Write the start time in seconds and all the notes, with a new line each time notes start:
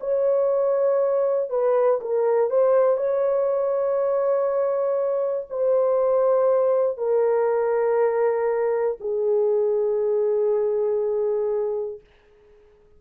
0.00 C#5
1.49 B4
2.01 A#4
2.50 C5
2.97 C#5
5.50 C5
6.97 A#4
9.00 G#4